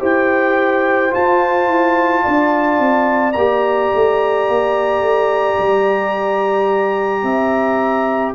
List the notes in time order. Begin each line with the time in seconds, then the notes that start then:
0.00 E4 G4 C5 G5
1.11 F4 A5
1.17 F4
1.68 E4
2.23 D4 D5
2.80 C4
3.33 A#3 G4 A#5
3.95 A3
4.49 A#3
5.00 A3
5.60 G3
7.23 C4 E5